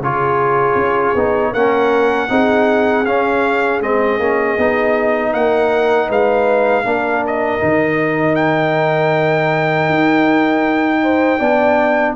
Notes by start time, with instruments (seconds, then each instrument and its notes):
0.00 tuba C#3, trombone F4, horn G#4, trumpet C#5
0.75 tuba C#4
1.15 tuba B3, trombone D#4
1.52 tuba A#3, trombone C#4, horn A#4, trumpet F#5
2.29 tuba C4, trombone D#4, horn G#4
3.05 tuba C#4, trombone C#4, trumpet F5
3.81 tuba G#3, trombone C4, trumpet D#5
4.19 tuba A#3, trombone C#4
4.58 tuba B3, trombone D#4
5.34 tuba A#3, horn A#4, trumpet F#5
6.08 tuba G#3, horn B4, trumpet F5
6.84 tuba A#3, trombone D4, horn A#4
7.26 trumpet D#5
7.60 tuba D#3, trombone D#4
8.35 trumpet G5
9.90 tuba D#4
11.03 horn C5
11.39 tuba B3, trombone D4, horn D5